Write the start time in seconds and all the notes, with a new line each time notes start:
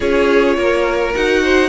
0.00 C#4 F4 G#4 C#5
0.56 A#3 A#4
1.14 D#4 F#4 F#5
1.42 C5